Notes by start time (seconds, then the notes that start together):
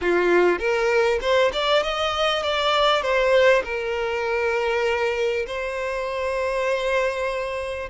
0.01 F4
0.58 A#4
1.21 C5
1.53 D5
1.82 D#5
2.42 D5
3.01 C5
3.64 A#4
5.47 C5